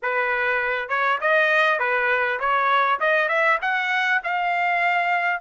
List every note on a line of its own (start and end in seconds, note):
0.02 0.88 B4
0.88 1.18 C#5
1.21 1.79 D#5
1.79 2.39 B4
2.39 2.99 C#5
3.00 3.28 D#5
3.28 3.58 E5
3.61 4.21 F#5
4.23 5.40 F5